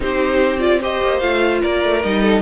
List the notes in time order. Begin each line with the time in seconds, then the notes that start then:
0.00 C4 D#4 G4 C5
0.59 F4 D5
0.80 G4 C5 D#5
1.02 A#3
1.19 A3 F4 F5
1.61 A#3 A#4 D5
1.84 A3
2.02 G3 D#4 D#5
2.21 A4